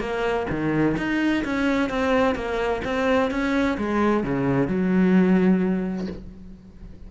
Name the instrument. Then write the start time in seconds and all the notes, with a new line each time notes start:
cello
0.00 A#3
0.50 D#3
0.97 D#4
1.44 C#4
1.90 C4
2.35 A#3
2.85 C4
3.31 C#4
3.78 G#3
4.24 C#3
4.68 F#3